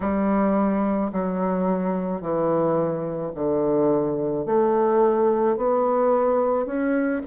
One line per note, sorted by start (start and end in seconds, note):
0.00 1.11 G3
1.12 2.21 F#3
2.21 3.32 E3
3.34 4.45 D3
4.45 5.56 A3
5.56 6.66 B3
6.66 7.21 C#4